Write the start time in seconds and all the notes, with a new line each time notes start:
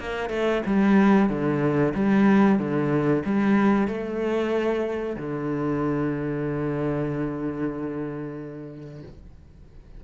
0.00 A#3
0.30 A3
0.66 G3
1.30 D3
1.95 G3
2.59 D3
3.26 G3
3.88 A3
5.16 D3